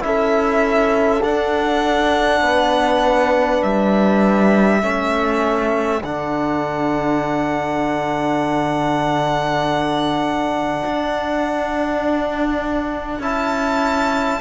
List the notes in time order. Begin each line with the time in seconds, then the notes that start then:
0.00 C#4 E4 A4 E5
1.22 D4 F#5
2.41 B3 B4
3.62 G3 E5
4.81 A3 C#4 A4
6.03 D3 D4 F#5
10.85 D4
13.19 C#4 E4 A5